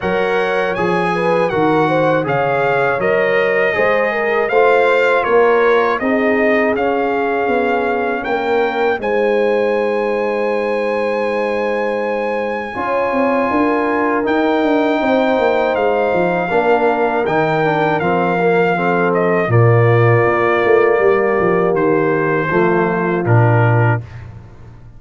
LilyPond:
<<
  \new Staff \with { instrumentName = "trumpet" } { \time 4/4 \tempo 4 = 80 fis''4 gis''4 fis''4 f''4 | dis''2 f''4 cis''4 | dis''4 f''2 g''4 | gis''1~ |
gis''2. g''4~ | g''4 f''2 g''4 | f''4. dis''8 d''2~ | d''4 c''2 ais'4 | }
  \new Staff \with { instrumentName = "horn" } { \time 4/4 cis''4. b'8 ais'8 c''8 cis''4~ | cis''4 c''8 ais'8 c''4 ais'4 | gis'2. ais'4 | c''1~ |
c''4 cis''4 ais'2 | c''2 ais'2~ | ais'4 a'4 f'2 | g'2 f'2 | }
  \new Staff \with { instrumentName = "trombone" } { \time 4/4 ais'4 gis'4 fis'4 gis'4 | ais'4 gis'4 f'2 | dis'4 cis'2. | dis'1~ |
dis'4 f'2 dis'4~ | dis'2 d'4 dis'8 d'8 | c'8 ais8 c'4 ais2~ | ais2 a4 d'4 | }
  \new Staff \with { instrumentName = "tuba" } { \time 4/4 fis4 f4 dis4 cis4 | fis4 gis4 a4 ais4 | c'4 cis'4 b4 ais4 | gis1~ |
gis4 cis'8 c'8 d'4 dis'8 d'8 | c'8 ais8 gis8 f8 ais4 dis4 | f2 ais,4 ais8 a8 | g8 f8 dis4 f4 ais,4 | }
>>